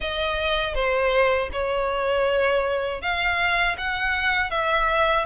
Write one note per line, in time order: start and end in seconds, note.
0.00 0.74 D#5
0.74 1.49 C5
1.52 3.01 C#5
3.01 3.76 F5
3.77 4.50 F#5
4.50 5.25 E5